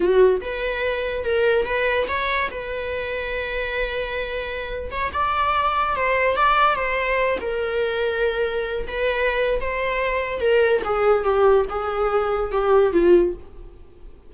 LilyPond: \new Staff \with { instrumentName = "viola" } { \time 4/4 \tempo 4 = 144 fis'4 b'2 ais'4 | b'4 cis''4 b'2~ | b'2.~ b'8. cis''16~ | cis''16 d''2 c''4 d''8.~ |
d''16 c''4. ais'2~ ais'16~ | ais'4~ ais'16 b'4.~ b'16 c''4~ | c''4 ais'4 gis'4 g'4 | gis'2 g'4 f'4 | }